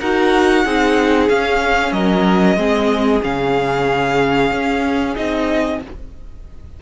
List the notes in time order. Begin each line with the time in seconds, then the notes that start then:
0.00 D#4 F#4 A#4 F#5
0.64 C4 D#4 G#4
1.28 C#4 F5
1.92 F#3 A#4 D#5
2.56 G#3 C4 G#4
3.22 C#3 C#4 F5
4.51 C#4
5.15 C4 D#4 D#5